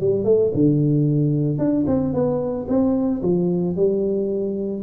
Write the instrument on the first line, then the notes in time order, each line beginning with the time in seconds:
tuba
0.00 G3
0.24 A3
0.54 D3
1.58 D4
1.87 C4
2.13 B3
2.68 C4
3.22 F3
3.76 G3